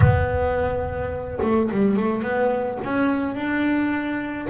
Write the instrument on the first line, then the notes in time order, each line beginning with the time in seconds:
double bass
0.00 B3
1.42 A3
1.71 G3
1.96 A3
2.22 B3
2.84 C#4
3.34 D4